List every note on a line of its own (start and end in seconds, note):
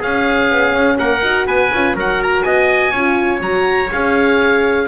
0.00 1.23 C#4
0.00 0.51 C#4
0.00 0.98 G#4
0.00 0.99 F5
0.51 0.74 B3
0.74 0.98 C#4
0.99 1.23 A#3
0.99 1.47 A#4
0.99 1.47 F#5
1.23 1.47 D#4
1.23 1.72 F#4
1.47 1.72 B3
1.47 1.96 B4
1.47 1.96 G#5
1.73 1.95 C#4
1.73 1.97 F4
1.95 2.43 F#3
1.95 2.94 F#4
1.95 2.45 A#4
1.95 2.24 F#5
2.24 2.43 A#5
2.43 2.92 B3
2.43 2.91 D#5
2.43 3.40 G#5
2.91 3.41 C#4
2.91 3.42 F4
2.91 4.87 C#5
3.41 3.90 F#3
3.41 3.91 F#4
3.41 3.92 A#5
3.92 4.88 C#4
3.92 4.88 G#4
3.92 4.88 F5